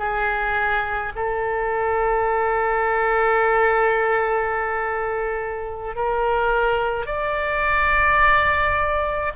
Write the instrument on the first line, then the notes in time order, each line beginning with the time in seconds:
oboe
0.00 G#4
1.16 A4
5.96 A#4
7.07 D5